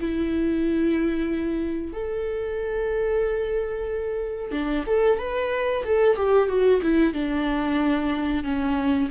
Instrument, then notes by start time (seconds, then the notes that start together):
viola
0.00 E4
1.93 A4
4.51 D4
4.86 A4
5.18 B4
5.84 A4
6.16 G4
6.48 F#4
6.82 E4
7.13 D4
8.43 C#4